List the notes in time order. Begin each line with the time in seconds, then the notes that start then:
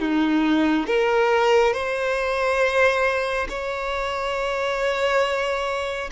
0.00 D#4
0.87 A#4
1.74 C5
3.49 C#5